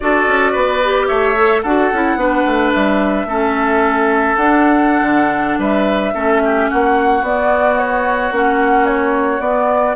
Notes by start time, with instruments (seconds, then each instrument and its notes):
0.00 bassoon D4, clarinet F#4, oboe A4, flute D5
0.27 bassoon C#4
0.51 bassoon B3, oboe B4
0.83 clarinet G4
1.07 bassoon A3, oboe C#5, flute E5
1.36 clarinet A4
1.62 bassoon D4, clarinet F#4, oboe A4, flute F#5
1.92 bassoon C#4, clarinet E4
2.15 bassoon B3, clarinet D4, oboe B4
2.46 bassoon A3
2.73 bassoon G3, flute E5
3.25 bassoon A3, clarinet C#4, oboe A4
4.35 bassoon D4, clarinet D4, flute F#5
5.01 bassoon D3
5.58 bassoon G3, oboe B4, flute E5
6.13 bassoon A3, clarinet C#4, oboe A4
6.44 oboe G4
6.69 bassoon A#3, oboe F#4, flute F#5
7.21 bassoon B3, clarinet B3, flute D5
7.77 flute C#5
8.31 bassoon A#3, clarinet C#4, flute F#5
8.86 flute C#5
9.40 bassoon B3, clarinet B3, flute D5